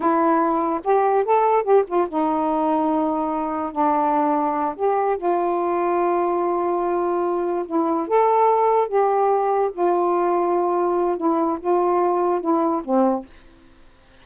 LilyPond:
\new Staff \with { instrumentName = "saxophone" } { \time 4/4 \tempo 4 = 145 e'2 g'4 a'4 | g'8 f'8 dis'2.~ | dis'4 d'2~ d'8 g'8~ | g'8 f'2.~ f'8~ |
f'2~ f'8 e'4 a'8~ | a'4. g'2 f'8~ | f'2. e'4 | f'2 e'4 c'4 | }